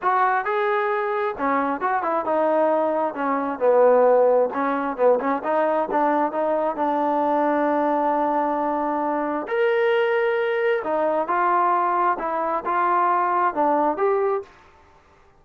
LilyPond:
\new Staff \with { instrumentName = "trombone" } { \time 4/4 \tempo 4 = 133 fis'4 gis'2 cis'4 | fis'8 e'8 dis'2 cis'4 | b2 cis'4 b8 cis'8 | dis'4 d'4 dis'4 d'4~ |
d'1~ | d'4 ais'2. | dis'4 f'2 e'4 | f'2 d'4 g'4 | }